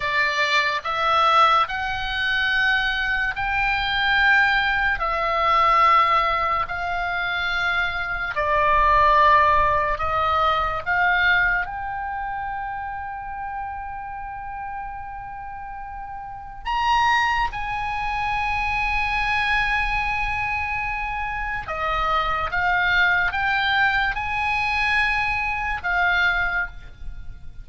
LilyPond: \new Staff \with { instrumentName = "oboe" } { \time 4/4 \tempo 4 = 72 d''4 e''4 fis''2 | g''2 e''2 | f''2 d''2 | dis''4 f''4 g''2~ |
g''1 | ais''4 gis''2.~ | gis''2 dis''4 f''4 | g''4 gis''2 f''4 | }